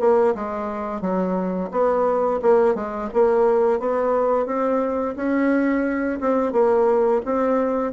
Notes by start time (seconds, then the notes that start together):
0.00 A#3
0.35 G#3
1.01 F#3
1.71 B3
2.42 A#3
2.75 G#3
3.14 A#3
3.80 B3
4.46 C4
5.16 C#4
6.20 C4
6.53 A#3
7.25 C4